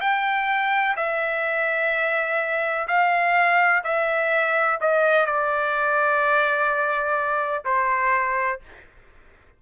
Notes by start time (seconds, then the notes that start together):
0.00 G5
0.96 E5
2.87 F5
3.84 E5
4.81 D#5
5.26 D5
7.65 C5